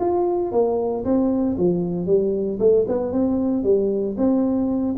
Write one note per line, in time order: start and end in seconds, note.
0.00 0.52 F4
0.52 1.04 A#3
1.05 1.57 C4
1.58 2.06 F3
2.06 2.58 G3
2.60 2.86 A3
2.88 3.12 B3
3.12 3.64 C4
3.64 4.16 G3
4.17 4.96 C4